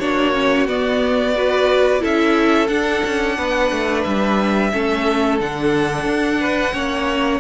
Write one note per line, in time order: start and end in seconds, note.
0.00 0.67 A#3
0.00 0.34 D4
0.00 1.36 F#4
0.00 0.67 C#5
0.34 0.68 C#4
0.67 2.02 B3
0.67 1.36 B3
0.67 2.03 D5
1.36 2.00 F#4
1.36 2.02 B4
2.00 2.70 C#4
2.00 2.68 E4
2.00 3.36 A4
2.00 2.68 E5
2.68 4.71 D4
2.68 3.03 D4
2.68 4.03 F#5
3.05 3.39 C#4
3.37 3.72 B3
3.37 4.72 B4
3.72 4.06 A3
4.04 4.73 G3
4.04 5.38 E5
4.73 5.41 A3
4.73 5.40 C#4
4.73 6.41 A4
5.41 6.06 D3
5.41 6.74 D4
5.41 7.40 F#5
6.06 6.73 D4
6.41 6.74 B4
6.74 7.40 A#3
6.74 7.40 C#4
6.74 7.40 C#5